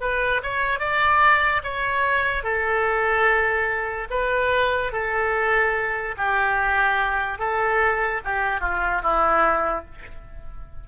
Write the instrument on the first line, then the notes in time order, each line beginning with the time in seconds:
oboe
0.00 B4
0.43 C#5
0.79 D5
1.63 C#5
2.43 A4
4.10 B4
4.92 A4
6.17 G4
7.39 A4
8.24 G4
8.60 F4
9.02 E4